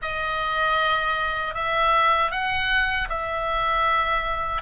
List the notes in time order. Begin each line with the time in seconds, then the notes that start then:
0.02 D#5
1.54 E5
2.31 F#5
3.09 E5